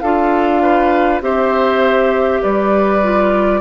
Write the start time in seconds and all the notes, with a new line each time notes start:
0.00 D4 F4 A4 F5
0.62 B4
1.21 C4 G4 C5 E5
2.42 G3 B4 D5
3.03 F4